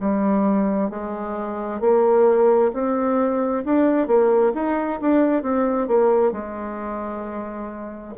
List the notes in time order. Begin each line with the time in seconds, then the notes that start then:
0.00 G3
0.90 G#3
1.81 A#3
2.73 C4
3.65 D4
4.07 A#3
4.54 D#4
5.01 D4
5.43 C4
5.88 A#3
6.32 G#3